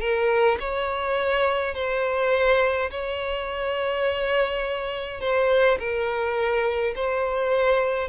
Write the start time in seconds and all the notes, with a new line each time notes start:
0.00 A#4
0.60 C#5
1.74 C5
2.90 C#5
5.20 C5
5.79 A#4
6.95 C5